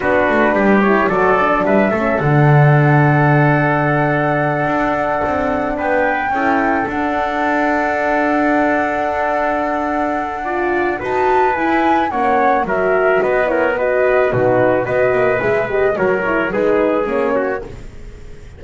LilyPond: <<
  \new Staff \with { instrumentName = "flute" } { \time 4/4 \tempo 4 = 109 b'4. cis''8 d''4 e''4 | fis''1~ | fis''2~ fis''8 g''4.~ | g''8 fis''2.~ fis''8~ |
fis''1 | a''4 gis''4 fis''4 e''4 | dis''8 cis''8 dis''4 b'4 dis''4 | e''8 dis''8 cis''4 b'4 cis''4 | }
  \new Staff \with { instrumentName = "trumpet" } { \time 4/4 fis'4 g'4 a'4 b'8 a'8~ | a'1~ | a'2~ a'8 b'4 a'8~ | a'1~ |
a'2. d''4 | b'2 cis''4 ais'4 | b'8 ais'8 b'4 fis'4 b'4~ | b'4 ais'4 gis'4. fis'8 | }
  \new Staff \with { instrumentName = "horn" } { \time 4/4 d'4. e'8 fis'8 d'4 cis'8 | d'1~ | d'2.~ d'8 e'8~ | e'8 d'2.~ d'8~ |
d'2. f'4 | fis'4 e'4 cis'4 fis'4~ | fis'8 e'8 fis'4 dis'4 fis'4 | gis'8 g'8 fis'8 e'8 dis'4 cis'4 | }
  \new Staff \with { instrumentName = "double bass" } { \time 4/4 b8 a8 g4 fis4 g8 a8 | d1~ | d8 d'4 c'4 b4 cis'8~ | cis'8 d'2.~ d'8~ |
d'1 | dis'4 e'4 ais4 fis4 | b2 b,4 b8 ais8 | gis4 fis4 gis4 ais4 | }
>>